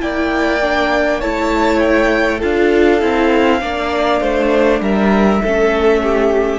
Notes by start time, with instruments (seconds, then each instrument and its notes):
0.00 cello A#3, viola E4, violin D5 G5
0.62 viola D4
1.20 cello A3, viola E4, violin C#5 A5
1.80 violin G5
2.39 cello D4, viola F4, violin A4 F5
3.01 cello C4, viola E4
3.60 cello A#3, viola D4, violin D5
4.21 cello A3, violin C5
4.80 cello G3, violin A#4 E5
5.42 cello A3, viola C#4, violin A4
6.03 violin G4